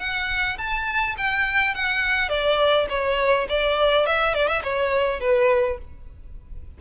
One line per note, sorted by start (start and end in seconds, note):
0.00 0.58 F#5
0.58 1.16 A5
1.18 1.75 G5
1.75 2.29 F#5
2.29 2.87 D5
2.90 3.47 C#5
3.50 4.07 D5
4.07 4.35 E5
4.35 4.48 D5
4.48 4.63 E5
4.64 5.21 C#5
5.21 5.78 B4